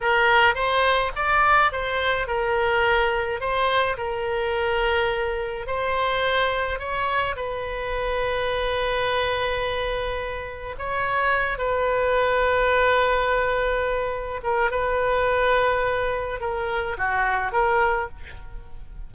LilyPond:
\new Staff \with { instrumentName = "oboe" } { \time 4/4 \tempo 4 = 106 ais'4 c''4 d''4 c''4 | ais'2 c''4 ais'4~ | ais'2 c''2 | cis''4 b'2.~ |
b'2. cis''4~ | cis''8 b'2.~ b'8~ | b'4. ais'8 b'2~ | b'4 ais'4 fis'4 ais'4 | }